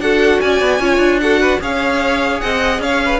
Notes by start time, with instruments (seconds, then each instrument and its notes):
0.00 cello D4, viola F#4, violin A4 F#5
0.41 cello C#4, violin D5 G#5
0.61 cello B3
0.80 cello C#4, viola F4, violin C#5
0.97 cello D4
1.20 viola F#4, violin A4 F#5
1.40 violin B4
1.60 cello C#4, viola G#4, violin C#5 F5
2.40 cello C4, violin D#5 F#5
2.79 cello C#4, violin C#5 F5
3.05 violin B4